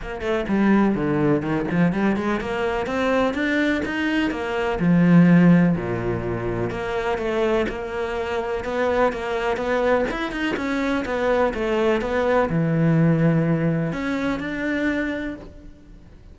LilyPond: \new Staff \with { instrumentName = "cello" } { \time 4/4 \tempo 4 = 125 ais8 a8 g4 d4 dis8 f8 | g8 gis8 ais4 c'4 d'4 | dis'4 ais4 f2 | ais,2 ais4 a4 |
ais2 b4 ais4 | b4 e'8 dis'8 cis'4 b4 | a4 b4 e2~ | e4 cis'4 d'2 | }